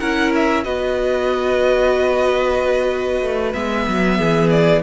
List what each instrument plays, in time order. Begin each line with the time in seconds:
0.00 cello C#4, viola E4, violin A#4 F#5
0.36 violin E5
0.64 cello B3, viola F#4, violin B4 D#5
3.22 cello A3
3.53 cello G#3, viola B3, violin E5
3.88 cello F#3
4.18 cello E3, violin G#4
4.50 violin D5